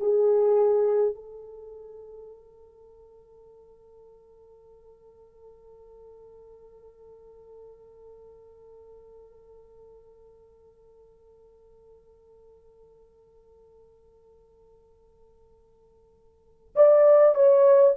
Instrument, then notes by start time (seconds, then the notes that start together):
horn
0.00 G#4
1.15 A4
16.76 D5
17.35 C#5